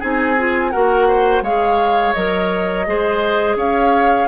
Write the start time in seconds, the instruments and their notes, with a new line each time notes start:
0.00 bassoon C4, clarinet D#4, oboe G#4, flute G#5
0.38 clarinet F4
0.71 bassoon A#3, clarinet F#4, oboe A#4, flute F#5
1.08 oboe C5
1.42 bassoon G#3, clarinet G#4, oboe C#5, flute F5
2.13 bassoon F#3, clarinet A#4, flute D#5
2.87 bassoon G#3, clarinet G#4, oboe C5
3.56 bassoon C#4, oboe C#5, flute F5